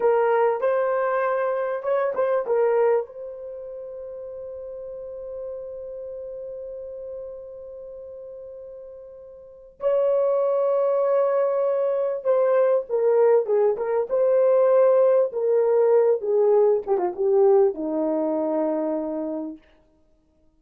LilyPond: \new Staff \with { instrumentName = "horn" } { \time 4/4 \tempo 4 = 98 ais'4 c''2 cis''8 c''8 | ais'4 c''2.~ | c''1~ | c''1 |
cis''1 | c''4 ais'4 gis'8 ais'8 c''4~ | c''4 ais'4. gis'4 g'16 f'16 | g'4 dis'2. | }